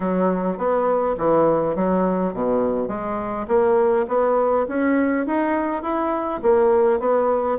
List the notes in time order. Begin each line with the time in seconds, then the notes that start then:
0.00 F#3
0.57 B3
1.18 E3
1.75 F#3
2.33 B2
2.88 G#3
3.47 A#3
4.08 B3
4.68 C#4
5.26 D#4
5.82 E4
6.42 A#3
6.99 B3